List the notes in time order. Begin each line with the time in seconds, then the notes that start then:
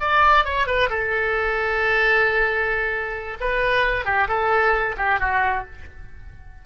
0.00 D5
0.45 C#5
0.67 B4
0.90 A4
3.40 B4
4.05 G4
4.28 A4
4.97 G4
5.20 F#4